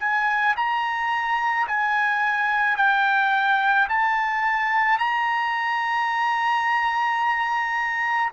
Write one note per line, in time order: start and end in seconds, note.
0.00 0.56 G#5
0.57 1.68 A#5
1.68 2.77 G#5
2.77 3.88 G5
3.89 4.98 A5
4.98 8.32 A#5